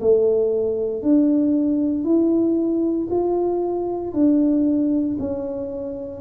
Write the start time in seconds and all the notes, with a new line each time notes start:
0.00 A3
1.02 D4
2.04 E4
3.10 F4
4.13 D4
5.19 C#4